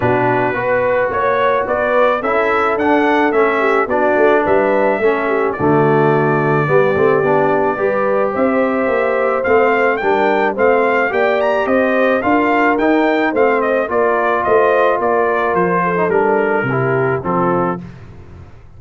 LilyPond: <<
  \new Staff \with { instrumentName = "trumpet" } { \time 4/4 \tempo 4 = 108 b'2 cis''4 d''4 | e''4 fis''4 e''4 d''4 | e''2 d''2~ | d''2. e''4~ |
e''4 f''4 g''4 f''4 | g''8 ais''8 dis''4 f''4 g''4 | f''8 dis''8 d''4 dis''4 d''4 | c''4 ais'2 a'4 | }
  \new Staff \with { instrumentName = "horn" } { \time 4/4 fis'4 b'4 cis''4 b'4 | a'2~ a'8 g'8 fis'4 | b'4 a'8 g'8 fis'2 | g'2 b'4 c''4~ |
c''2 ais'4 c''4 | d''4 c''4 ais'2 | c''4 ais'4 c''4 ais'4~ | ais'8 a'4. g'4 f'4 | }
  \new Staff \with { instrumentName = "trombone" } { \time 4/4 d'4 fis'2. | e'4 d'4 cis'4 d'4~ | d'4 cis'4 a2 | b8 c'8 d'4 g'2~ |
g'4 c'4 d'4 c'4 | g'2 f'4 dis'4 | c'4 f'2.~ | f'8. dis'16 d'4 e'4 c'4 | }
  \new Staff \with { instrumentName = "tuba" } { \time 4/4 b,4 b4 ais4 b4 | cis'4 d'4 a4 b8 a8 | g4 a4 d2 | g8 a8 b4 g4 c'4 |
ais4 a4 g4 a4 | ais4 c'4 d'4 dis'4 | a4 ais4 a4 ais4 | f4 g4 c4 f4 | }
>>